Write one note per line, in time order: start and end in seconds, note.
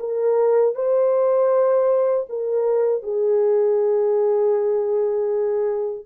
0.00 0.75 A#4
0.75 2.27 C5
2.29 3.03 A#4
3.03 6.06 G#4